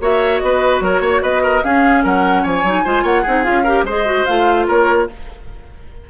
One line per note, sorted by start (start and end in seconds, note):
0.00 0.41 A#3
0.00 1.63 F#4
0.00 0.42 C#5
0.00 0.39 E5
0.39 0.80 B3
0.39 0.83 B4
0.39 0.79 D#5
0.80 1.00 F#3
0.80 1.01 A#4
0.80 1.22 C#5
1.00 1.20 A#3
1.00 1.21 C#5
1.22 1.62 B3
1.22 1.42 B4
1.22 1.63 D#5
1.43 1.63 A#4
1.63 2.64 C#4
1.63 2.04 C#4
1.63 2.03 G#4
1.63 2.03 F5
2.03 2.45 F#3
2.03 2.42 A#4
2.03 2.44 F#5
2.42 2.63 F3
2.42 2.83 C#5
2.42 3.05 G#5
2.63 2.83 F#3
2.63 2.84 D#4
2.84 3.03 G#3
2.84 3.25 F4
2.84 3.02 C5
3.02 3.23 A#3
3.02 3.22 C#5
3.02 3.44 F#5
3.22 3.47 C4
3.22 3.43 D#4
3.22 3.62 G#4
3.43 3.82 C#4
3.43 3.64 F4
3.43 3.84 F5
3.64 3.86 G4
3.64 3.84 A#4
3.82 4.23 G#3
3.82 4.05 G#4
3.82 4.66 C5
3.82 4.25 D#5
4.05 4.25 F#4
4.25 4.68 A3
4.25 5.09 F4
4.25 4.66 F5
4.67 5.09 A#3
4.67 5.08 A#4
4.67 5.09 C#5